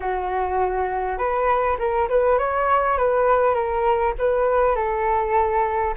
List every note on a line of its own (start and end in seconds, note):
0.00 1.17 F#4
1.17 1.77 B4
1.78 2.08 A#4
2.09 2.38 B4
2.38 2.97 C#5
2.97 3.54 B4
3.54 4.13 A#4
4.18 4.75 B4
4.75 5.94 A4